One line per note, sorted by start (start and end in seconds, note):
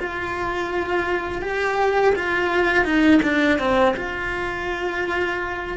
0.00 1.42 F4
1.42 2.15 G4
2.16 2.85 F4
2.85 3.21 D#4
3.23 3.59 D4
3.59 3.96 C4
3.97 5.78 F4